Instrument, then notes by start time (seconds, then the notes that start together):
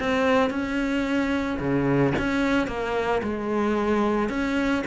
cello
0.00 C4
0.50 C#4
1.59 C#3
2.18 C#4
2.68 A#3
3.23 G#3
4.29 C#4